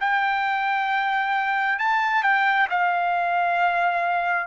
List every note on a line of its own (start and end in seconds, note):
0.00 1.78 G5
1.78 2.23 A5
2.23 2.68 G5
2.70 4.47 F5